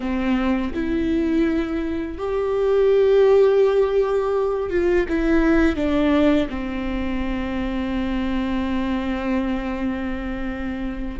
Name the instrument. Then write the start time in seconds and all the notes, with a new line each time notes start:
viola
0.00 C4
0.74 E4
2.18 G4
4.70 F4
5.08 E4
5.75 D4
6.49 C4